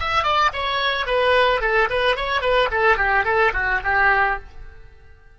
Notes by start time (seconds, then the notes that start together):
0.00 E5
0.24 D5
0.53 C#5
1.07 B4
1.61 A4
1.90 B4
2.16 C#5
2.42 B4
2.71 A4
2.97 G4
3.25 A4
3.54 F#4
3.84 G4